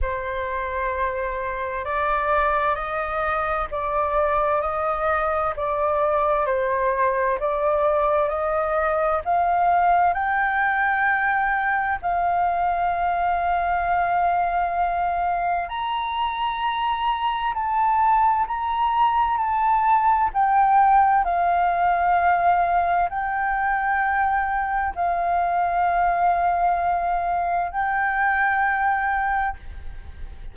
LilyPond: \new Staff \with { instrumentName = "flute" } { \time 4/4 \tempo 4 = 65 c''2 d''4 dis''4 | d''4 dis''4 d''4 c''4 | d''4 dis''4 f''4 g''4~ | g''4 f''2.~ |
f''4 ais''2 a''4 | ais''4 a''4 g''4 f''4~ | f''4 g''2 f''4~ | f''2 g''2 | }